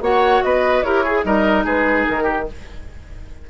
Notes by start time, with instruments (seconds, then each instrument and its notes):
0.00 bassoon A#3, clarinet F#4, oboe C#5, flute F#5
0.42 bassoon B3, oboe B4, flute D#5
0.82 bassoon E4, clarinet G4, oboe A#4, flute C#5
1.04 oboe G#4, clarinet G#4
1.23 bassoon G3, clarinet D#4, oboe A#4, flute D#5
1.64 bassoon G#3, oboe G#4, flute B4
2.06 bassoon D#3, flute A#4
2.23 oboe G4